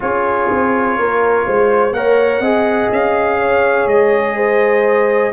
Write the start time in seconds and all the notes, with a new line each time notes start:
0.00 C#4 F4 G#4 C#5
0.50 C4
0.98 A#3 A#4
1.46 G#3 C5
1.92 A#3 A#4 C#5 F#5
2.40 C4 G#4 D#5
2.92 C#4 F5
3.39 C#5
3.86 G#3 D#5
4.36 C5